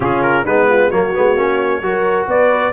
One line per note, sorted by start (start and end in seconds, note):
0.00 0.45 C#3
0.00 0.46 C#4
0.00 0.44 F4
0.00 0.22 G#4
0.22 0.45 A#4
0.44 0.91 G#3
0.44 0.91 B3
0.44 0.66 D#4
0.44 0.91 B4
0.68 0.90 F4
0.90 1.14 F#3
0.90 1.14 A#3
0.90 1.81 F#4
0.90 2.27 C#5
1.14 1.35 G#3
1.14 1.36 B3
1.35 1.81 A#3
1.35 1.82 C#4
1.81 2.26 F#3
1.81 2.73 F#4
1.81 2.28 A#4
2.27 2.72 B3
2.27 2.73 B4
2.27 2.73 D5